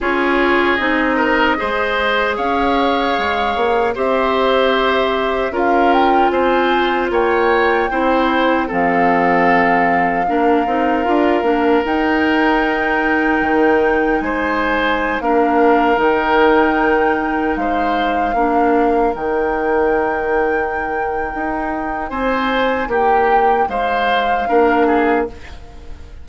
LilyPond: <<
  \new Staff \with { instrumentName = "flute" } { \time 4/4 \tempo 4 = 76 cis''4 dis''2 f''4~ | f''4 e''2 f''8 g''8 | gis''4 g''2 f''4~ | f''2. g''4~ |
g''2 gis''4~ gis''16 f''8.~ | f''16 g''2 f''4.~ f''16~ | f''16 g''2.~ g''8. | gis''4 g''4 f''2 | }
  \new Staff \with { instrumentName = "oboe" } { \time 4/4 gis'4. ais'8 c''4 cis''4~ | cis''4 c''2 ais'4 | c''4 cis''4 c''4 a'4~ | a'4 ais'2.~ |
ais'2 c''4~ c''16 ais'8.~ | ais'2~ ais'16 c''4 ais'8.~ | ais'1 | c''4 g'4 c''4 ais'8 gis'8 | }
  \new Staff \with { instrumentName = "clarinet" } { \time 4/4 f'4 dis'4 gis'2~ | gis'4 g'2 f'4~ | f'2 e'4 c'4~ | c'4 d'8 dis'8 f'8 d'8 dis'4~ |
dis'2.~ dis'16 d'8.~ | d'16 dis'2. d'8.~ | d'16 dis'2.~ dis'8.~ | dis'2. d'4 | }
  \new Staff \with { instrumentName = "bassoon" } { \time 4/4 cis'4 c'4 gis4 cis'4 | gis8 ais8 c'2 cis'4 | c'4 ais4 c'4 f4~ | f4 ais8 c'8 d'8 ais8 dis'4~ |
dis'4 dis4 gis4~ gis16 ais8.~ | ais16 dis2 gis4 ais8.~ | ais16 dis2~ dis8. dis'4 | c'4 ais4 gis4 ais4 | }
>>